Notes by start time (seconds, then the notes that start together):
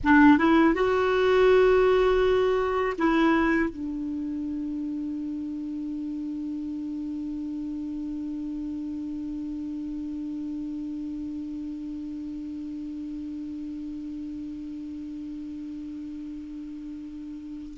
0.03 D4
0.37 E4
0.74 F#4
2.98 E4
3.69 D4